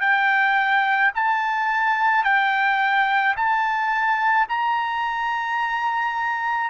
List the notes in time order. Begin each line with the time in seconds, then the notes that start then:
0.00 G5
1.15 A5
2.24 G5
3.36 A5
4.48 A#5